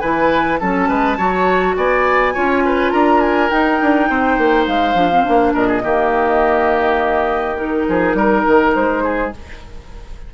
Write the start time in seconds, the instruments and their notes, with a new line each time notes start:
0.00 bassoon E3, clarinet E4, oboe B4, flute G#5
0.59 bassoon F#3, clarinet C#4, oboe A4, flute A5
0.89 bassoon G#3, oboe B4
1.18 bassoon F#3, clarinet F#4, oboe C#5
1.77 bassoon B3, oboe D5, flute G#5
2.34 bassoon C#4, clarinet F4, oboe C#5
2.66 oboe B4
2.91 bassoon D4, oboe A#4, flute A#5
3.21 flute G#5
3.50 clarinet D#4, bassoon D#4, flute G5
3.82 bassoon D4
4.10 bassoon C4, oboe C5
4.38 bassoon A#3
4.67 bassoon G#3, flute F5
4.95 bassoon F3, clarinet D4
5.12 clarinet C4
5.25 bassoon A#3, clarinet D4
5.54 bassoon A#2, oboe A#4, flute D#5
5.68 oboe G#4
5.84 bassoon D#3, clarinet A#3, oboe G4
7.57 clarinet D#4, flute A#4
7.89 bassoon F3, oboe G#4
8.15 bassoon G3, oboe A#4
8.48 bassoon D#3
8.75 bassoon G#3, flute C5
9.04 oboe G#4